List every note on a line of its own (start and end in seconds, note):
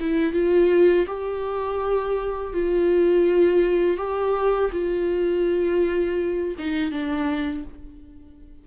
0.00 0.33 E4
0.33 1.06 F4
1.07 2.53 G4
2.53 3.97 F4
3.97 4.70 G4
4.72 6.55 F4
6.58 6.91 D#4
6.91 7.64 D4